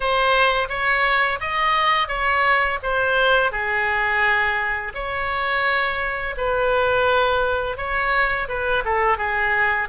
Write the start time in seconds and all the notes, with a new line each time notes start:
0.00 C5
0.68 C#5
1.40 D#5
2.08 C#5
2.82 C5
3.51 G#4
4.94 C#5
6.37 B4
7.77 C#5
8.48 B4
8.85 A4
9.17 G#4